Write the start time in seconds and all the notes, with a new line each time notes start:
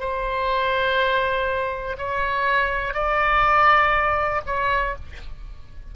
0.00 C5
1.98 C#5
2.94 D5
4.47 C#5